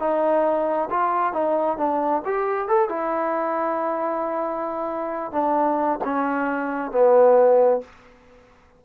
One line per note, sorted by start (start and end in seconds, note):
0.00 0.90 D#4
0.91 1.34 F4
1.34 1.78 D#4
1.78 2.23 D4
2.26 2.69 G4
2.69 2.90 A4
2.90 5.32 E4
5.32 5.99 D4
6.05 6.92 C#4
6.92 7.82 B3